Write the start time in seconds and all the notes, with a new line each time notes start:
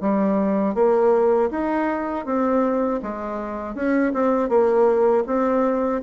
0.00 G3
0.74 A#3
1.50 D#4
2.25 C4
3.02 G#3
3.75 C#4
4.13 C4
4.49 A#3
5.26 C4